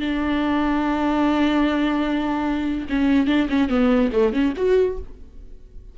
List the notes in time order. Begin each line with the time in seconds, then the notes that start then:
0.00 D4
2.90 C#4
3.27 D4
3.50 C#4
3.69 B3
4.13 A3
4.33 C#4
4.57 F#4